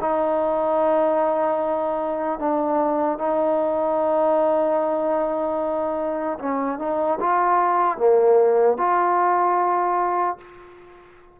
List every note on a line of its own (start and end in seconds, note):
0.00 2.39 D#4
2.39 3.18 D4
3.18 6.38 D#4
6.39 6.79 C#4
6.79 7.19 D#4
7.20 7.97 F4
7.97 8.77 A#3
8.77 10.37 F4